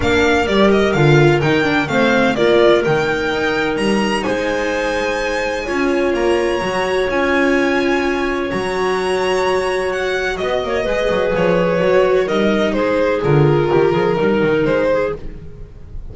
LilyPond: <<
  \new Staff \with { instrumentName = "violin" } { \time 4/4 \tempo 4 = 127 f''4 d''8 dis''8 f''4 g''4 | f''4 d''4 g''2 | ais''4 gis''2.~ | gis''4 ais''2 gis''4~ |
gis''2 ais''2~ | ais''4 fis''4 dis''2 | cis''2 dis''4 c''4 | ais'2. c''4 | }
  \new Staff \with { instrumentName = "clarinet" } { \time 4/4 ais'1 | c''4 ais'2.~ | ais'4 c''2. | cis''1~ |
cis''1~ | cis''2 dis''8 cis''8 b'4~ | b'2 ais'4 gis'4~ | gis'4 g'8 gis'8 ais'4. gis'8 | }
  \new Staff \with { instrumentName = "viola" } { \time 4/4 d'4 g'4 f'4 dis'8 d'8 | c'4 f'4 dis'2~ | dis'1 | f'2 fis'4 f'4~ |
f'2 fis'2~ | fis'2. gis'4~ | gis'4 fis'4 dis'2 | f'2 dis'2 | }
  \new Staff \with { instrumentName = "double bass" } { \time 4/4 ais4 g4 d4 dis4 | a4 ais4 dis4 dis'4 | g4 gis2. | cis'4 ais4 fis4 cis'4~ |
cis'2 fis2~ | fis2 b8 ais8 gis8 fis8 | f4 fis4 g4 gis4 | d4 dis8 f8 g8 dis8 gis4 | }
>>